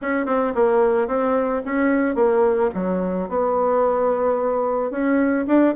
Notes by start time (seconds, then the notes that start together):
0.01 C#4
0.26 C4
0.54 A#3
1.07 C4
1.65 C#4
2.15 A#3
2.74 F#3
3.28 B3
4.91 C#4
5.47 D4